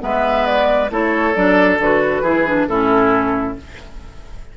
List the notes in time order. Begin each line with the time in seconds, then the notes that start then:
0.00 G#3 B3 B4 E5
0.46 D5
0.90 A3 E4 A4 C#5
1.35 F#3 D4 D5
1.78 D3 F#4 B4
2.22 E3 E4 G#4
2.47 D4
2.68 A2 C#4 E4 A4